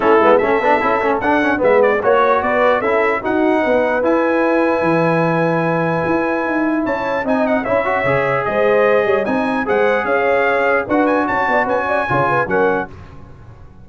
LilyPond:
<<
  \new Staff \with { instrumentName = "trumpet" } { \time 4/4 \tempo 4 = 149 a'4 e''2 fis''4 | e''8 d''8 cis''4 d''4 e''4 | fis''2 gis''2~ | gis''1~ |
gis''4 a''4 gis''8 fis''8 e''4~ | e''4 dis''2 gis''4 | fis''4 f''2 fis''8 gis''8 | a''4 gis''2 fis''4 | }
  \new Staff \with { instrumentName = "horn" } { \time 4/4 e'4 a'2. | b'4 cis''4 b'4 a'4 | fis'4 b'2.~ | b'1~ |
b'4 cis''4 dis''4 cis''4~ | cis''4 c''4. cis''8 dis''4 | c''4 cis''2 b'4 | cis''8 d''8 b'8 d''8 cis''8 b'8 ais'4 | }
  \new Staff \with { instrumentName = "trombone" } { \time 4/4 cis'8 b8 cis'8 d'8 e'8 cis'8 d'8 cis'8 | b4 fis'2 e'4 | dis'2 e'2~ | e'1~ |
e'2 dis'4 e'8 fis'8 | gis'2. dis'4 | gis'2. fis'4~ | fis'2 f'4 cis'4 | }
  \new Staff \with { instrumentName = "tuba" } { \time 4/4 a8 gis8 a8 b8 cis'8 a8 d'4 | gis4 ais4 b4 cis'4 | dis'4 b4 e'2 | e2. e'4 |
dis'4 cis'4 c'4 cis'4 | cis4 gis4. g8 c'4 | gis4 cis'2 d'4 | cis'8 b8 cis'4 cis4 fis4 | }
>>